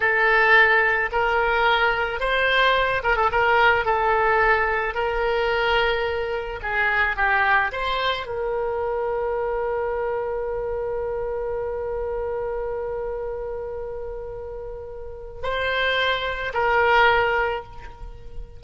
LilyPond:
\new Staff \with { instrumentName = "oboe" } { \time 4/4 \tempo 4 = 109 a'2 ais'2 | c''4. ais'16 a'16 ais'4 a'4~ | a'4 ais'2. | gis'4 g'4 c''4 ais'4~ |
ais'1~ | ais'1~ | ais'1 | c''2 ais'2 | }